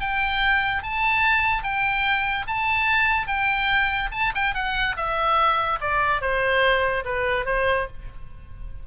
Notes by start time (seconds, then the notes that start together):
0.00 G5
0.83 A5
1.63 G5
2.47 A5
3.27 G5
4.11 A5
4.34 G5
4.54 F#5
4.96 E5
5.80 D5
6.21 C5
7.05 B4
7.45 C5